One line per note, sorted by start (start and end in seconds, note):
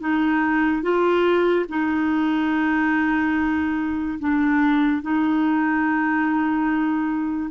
0.00 0.83 D#4
0.83 1.66 F4
1.69 4.19 D#4
4.19 5.02 D4
5.02 7.51 D#4